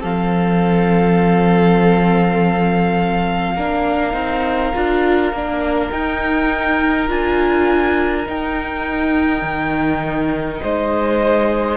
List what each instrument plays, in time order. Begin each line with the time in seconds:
0.00 cello F3, viola C4, violin A4 F5
3.55 cello A#3, viola D4, violin A#4
4.12 cello C4, viola D#4
4.73 cello D4, viola F4
5.32 cello A#3, viola D4
5.90 viola D#4, cello D#4, violin G5
7.08 cello D4, viola F4, violin G#5
8.25 viola D#4, cello D#4, violin G5
9.41 cello D#3
10.62 cello G#3, violin C5 D#5